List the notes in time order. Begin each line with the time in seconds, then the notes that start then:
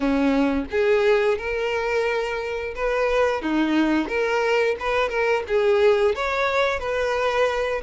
0.00 C#4
0.70 G#4
1.38 A#4
2.75 B4
3.42 D#4
4.08 A#4
4.79 B4
5.09 A#4
5.47 G#4
6.15 C#5
6.79 B4